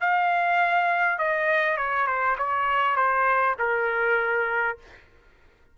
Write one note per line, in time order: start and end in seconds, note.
0.00 1.18 F5
1.18 1.77 D#5
1.77 2.07 C#5
2.07 2.36 C5
2.38 2.96 C#5
2.96 3.55 C5
3.59 4.77 A#4